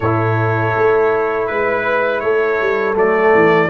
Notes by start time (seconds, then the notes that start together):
0.00 A2 E4 A4 C#5
0.77 A3
1.47 G#3 B4
2.19 A3 A4 C#5
2.60 G3
2.95 F#3 A3 D5
3.34 E3